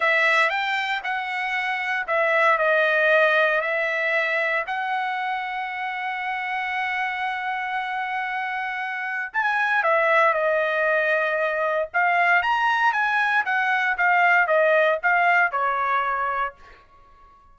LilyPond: \new Staff \with { instrumentName = "trumpet" } { \time 4/4 \tempo 4 = 116 e''4 g''4 fis''2 | e''4 dis''2 e''4~ | e''4 fis''2.~ | fis''1~ |
fis''2 gis''4 e''4 | dis''2. f''4 | ais''4 gis''4 fis''4 f''4 | dis''4 f''4 cis''2 | }